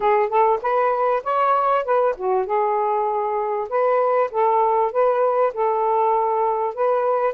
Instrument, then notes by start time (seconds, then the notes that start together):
saxophone
0.00 G#4
0.29 A4
0.62 B4
1.23 C#5
1.84 B4
2.16 F#4
2.45 G#4
3.69 B4
4.31 A4
4.91 B4
5.53 A4
6.74 B4